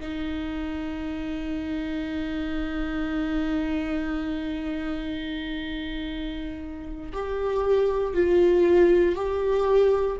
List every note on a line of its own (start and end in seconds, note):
0.00 7.12 D#4
7.12 8.14 G4
8.14 9.15 F4
9.15 10.16 G4